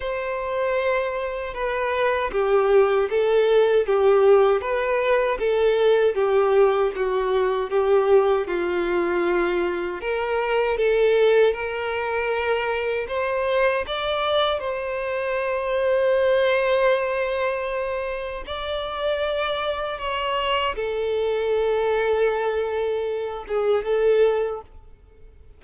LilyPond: \new Staff \with { instrumentName = "violin" } { \time 4/4 \tempo 4 = 78 c''2 b'4 g'4 | a'4 g'4 b'4 a'4 | g'4 fis'4 g'4 f'4~ | f'4 ais'4 a'4 ais'4~ |
ais'4 c''4 d''4 c''4~ | c''1 | d''2 cis''4 a'4~ | a'2~ a'8 gis'8 a'4 | }